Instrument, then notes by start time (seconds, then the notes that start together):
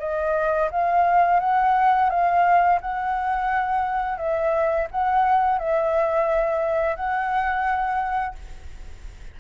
flute
0.00 D#5
0.71 F5
1.40 F#5
2.10 F5
2.81 F#5
4.18 E5
4.92 F#5
5.59 E5
6.96 F#5